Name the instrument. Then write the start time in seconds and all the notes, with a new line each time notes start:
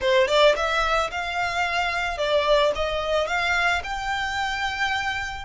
violin
0.00 C5
0.27 D5
0.56 E5
1.11 F5
2.17 D5
2.75 D#5
3.27 F5
3.83 G5